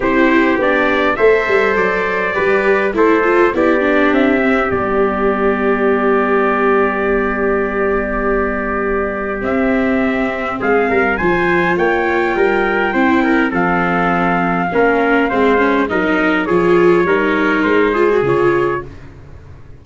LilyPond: <<
  \new Staff \with { instrumentName = "trumpet" } { \time 4/4 \tempo 4 = 102 c''4 d''4 e''4 d''4~ | d''4 c''4 d''4 e''4 | d''1~ | d''1 |
e''2 f''4 gis''4 | g''2. f''4~ | f''2. dis''4 | cis''2 c''4 cis''4 | }
  \new Staff \with { instrumentName = "trumpet" } { \time 4/4 g'2 c''2 | b'4 a'4 g'2~ | g'1~ | g'1~ |
g'2 gis'8 ais'8 c''4 | cis''4 ais'4 c''8 ais'8 a'4~ | a'4 ais'4 c''4 ais'4 | gis'4 ais'4. gis'4. | }
  \new Staff \with { instrumentName = "viola" } { \time 4/4 e'4 d'4 a'2 | g'4 e'8 f'8 e'8 d'4 c'8 | b1~ | b1 |
c'2. f'4~ | f'2 e'4 c'4~ | c'4 cis'4 c'8 cis'8 dis'4 | f'4 dis'4. f'16 fis'16 f'4 | }
  \new Staff \with { instrumentName = "tuba" } { \time 4/4 c'4 b4 a8 g8 fis4 | g4 a4 b4 c'4 | g1~ | g1 |
c'2 gis8 g8 f4 | ais4 g4 c'4 f4~ | f4 ais4 gis4 fis4 | f4 g4 gis4 cis4 | }
>>